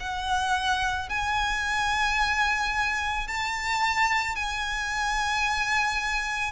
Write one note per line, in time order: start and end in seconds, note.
0.00 1.09 F#5
1.10 3.28 G#5
3.28 4.35 A5
4.35 6.52 G#5